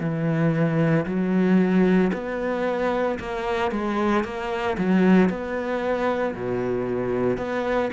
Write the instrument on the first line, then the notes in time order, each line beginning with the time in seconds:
cello
0.00 E3
1.06 F#3
2.13 B3
3.20 A#3
3.71 G#3
4.24 A#3
4.78 F#3
5.29 B3
6.35 B2
7.37 B3